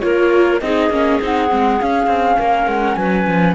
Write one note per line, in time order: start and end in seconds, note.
0.00 0.61 A#3
0.00 0.60 F4
0.00 0.62 A#4
0.00 0.59 C#5
0.60 0.90 C4
0.60 0.92 D#4
0.60 2.38 G#4
0.60 1.19 D#5
0.90 1.19 A#3
0.90 1.21 C#4
1.21 1.51 C4
1.21 1.49 D#4
1.21 1.82 F#5
1.49 1.81 G#3
1.49 1.78 C4
1.81 3.55 C#4
1.81 2.07 C#4
1.81 2.68 F5
2.07 2.36 C4
2.38 2.67 A#3
2.38 2.96 A#4
2.67 2.96 G#3
2.67 2.95 F#5
2.95 3.26 F#3
2.95 3.55 B4
2.95 3.54 G#5
3.27 3.55 F3